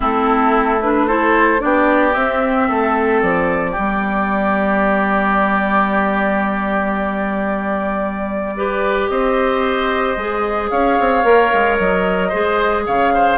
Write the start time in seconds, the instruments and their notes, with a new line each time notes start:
0.00 bassoon A3, clarinet C4, oboe E4, flute A4
0.81 clarinet D4, flute B4
1.07 clarinet E4, oboe A4, flute C5
1.58 bassoon B3, clarinet D4, oboe G4, flute D5
2.14 bassoon C4, clarinet C4, flute E5
2.68 bassoon A3, oboe A4
3.21 bassoon F3, flute D5
3.71 clarinet B3, oboe G4
3.77 bassoon G3
8.57 clarinet G4, oboe B4
9.08 bassoon C4, oboe C5, flute D#5
10.17 bassoon G#3, clarinet G#4
10.70 bassoon C#4, oboe C#5, flute F5
10.99 bassoon C4
11.23 bassoon A#3, clarinet A#4
11.53 bassoon G#3
11.78 bassoon F#3, flute D#5
12.28 bassoon G#3, clarinet G#4, oboe C5
12.86 bassoon C#3, oboe C#5, flute F5
13.14 oboe C5